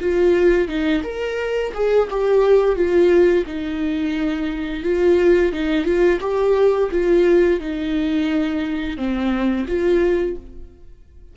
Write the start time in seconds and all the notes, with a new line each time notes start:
0.00 F4
0.68 D#4
1.04 A#4
1.74 G#4
2.11 G4
2.76 F4
3.46 D#4
4.83 F4
5.53 D#4
5.85 F4
6.21 G4
6.92 F4
7.60 D#4
8.97 C4
9.67 F4